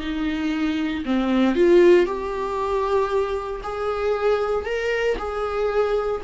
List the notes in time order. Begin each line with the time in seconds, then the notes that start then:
0.00 D#4
1.05 C4
1.55 F4
2.05 G4
3.63 G#4
4.65 A#4
5.18 G#4